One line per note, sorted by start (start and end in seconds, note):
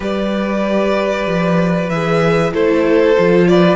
0.00 1.26 G3
0.00 1.87 G4
0.00 2.52 B4
0.00 1.89 D5
1.26 1.89 F3
1.89 2.52 E3
1.89 2.52 G#4
1.89 2.52 E5
2.52 3.16 A3
2.52 3.16 E4
2.52 3.48 A4
2.52 3.48 C5
3.16 3.75 F3
3.16 3.75 F4
3.48 3.75 B4
3.48 3.75 D5